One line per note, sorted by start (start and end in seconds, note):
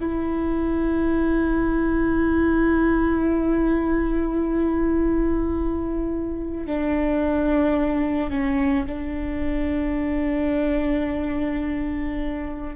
0.00 6.66 E4
6.66 8.30 D4
8.30 8.85 C#4
8.86 12.75 D4